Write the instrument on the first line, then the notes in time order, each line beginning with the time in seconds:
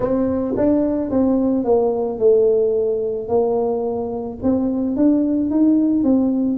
tuba
0.00 C4
0.57 D4
1.10 C4
1.64 A#3
2.19 A3
3.28 A#3
4.42 C4
4.96 D4
5.50 D#4
6.03 C4